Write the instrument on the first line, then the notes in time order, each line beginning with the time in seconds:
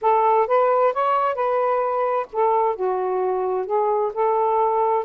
saxophone
0.01 A4
0.47 B4
0.93 C#5
1.34 B4
2.32 A4
2.75 F#4
3.66 G#4
4.13 A4